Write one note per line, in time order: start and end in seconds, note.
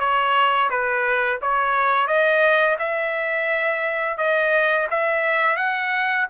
0.00 0.70 C#5
0.70 1.40 B4
1.42 2.07 C#5
2.07 2.77 D#5
2.79 4.18 E5
4.18 4.87 D#5
4.91 5.57 E5
5.57 6.26 F#5